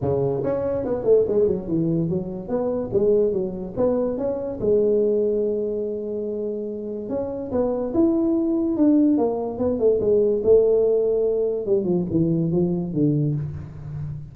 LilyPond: \new Staff \with { instrumentName = "tuba" } { \time 4/4 \tempo 4 = 144 cis4 cis'4 b8 a8 gis8 fis8 | e4 fis4 b4 gis4 | fis4 b4 cis'4 gis4~ | gis1~ |
gis4 cis'4 b4 e'4~ | e'4 d'4 ais4 b8 a8 | gis4 a2. | g8 f8 e4 f4 d4 | }